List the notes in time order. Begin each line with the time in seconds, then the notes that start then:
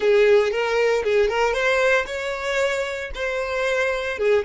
0.00 G#4
0.51 A#4
1.03 G#4
1.29 A#4
1.53 C5
2.06 C#5
3.14 C5
4.18 G#4